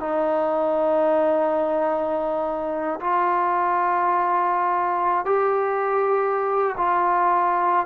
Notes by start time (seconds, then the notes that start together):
0.00 D#4
3.00 F4
5.26 G4
6.77 F4